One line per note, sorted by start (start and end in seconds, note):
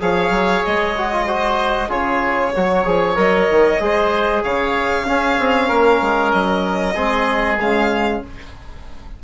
0.00 0.30 F3
0.00 0.95 G#4
0.00 1.26 C#5
0.00 0.65 F5
0.30 0.61 F#3
0.65 1.88 G#3
0.65 1.91 D#5
0.97 1.12 F#4
1.12 1.28 F4
1.26 1.89 F#4
1.26 1.89 C5
1.88 2.51 C#3
1.88 2.52 F4
1.88 2.52 G#4
1.88 3.17 C#5
2.56 2.86 F#3
2.56 2.85 F#4
2.56 3.83 C#5
2.85 3.17 F3
2.85 3.15 G#4
3.15 3.48 F#3
3.15 3.78 A#4
3.15 4.43 D#5
3.49 3.79 D#3
3.79 4.43 G#3
3.79 5.05 G#4
3.79 4.43 C5
4.43 5.04 C#3
4.43 5.06 C#5
4.43 6.31 F5
5.04 5.36 C#4
5.04 6.94 C#4
5.04 5.68 G#4
5.39 5.69 C4
5.68 6.01 A#3
5.68 6.94 A#4
6.01 6.33 G#3
6.31 6.96 F#3
6.31 7.58 D#5
6.94 7.60 G#3
6.94 7.58 C4
6.94 8.20 G#4
7.60 8.23 C#3
7.60 8.23 G#3
7.60 8.23 F5